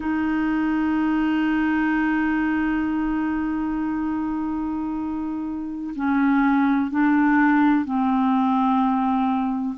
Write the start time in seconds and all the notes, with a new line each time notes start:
0.00 D#4
5.95 C#4
6.90 D4
7.84 C4